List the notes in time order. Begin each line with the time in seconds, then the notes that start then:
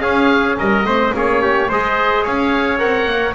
0.00 C#4 G#4 F5
0.58 G3 A#4 D#5
0.84 A3 C4 C5
1.13 A#3 C#4 G#4 C#5
1.42 G4
1.68 G#3 G#4 C5 D#5
2.23 C#4 C#5 F5
2.78 C4 A#4 F#5
3.06 A#3